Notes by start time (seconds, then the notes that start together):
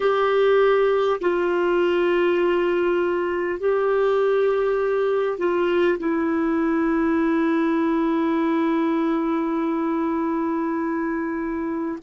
0.00 G4
1.21 F4
3.59 G4
5.37 F4
5.98 E4